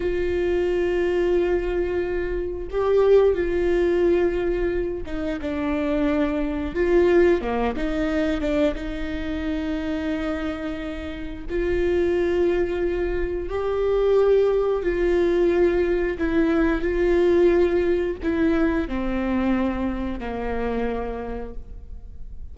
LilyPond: \new Staff \with { instrumentName = "viola" } { \time 4/4 \tempo 4 = 89 f'1 | g'4 f'2~ f'8 dis'8 | d'2 f'4 ais8 dis'8~ | dis'8 d'8 dis'2.~ |
dis'4 f'2. | g'2 f'2 | e'4 f'2 e'4 | c'2 ais2 | }